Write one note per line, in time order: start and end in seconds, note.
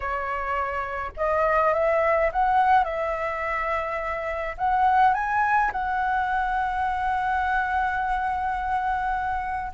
0.00 1.11 C#5
1.16 1.73 D#5
1.73 2.30 E5
2.32 2.84 F#5
2.84 4.56 E5
4.57 5.14 F#5
5.14 5.71 G#5
5.71 9.71 F#5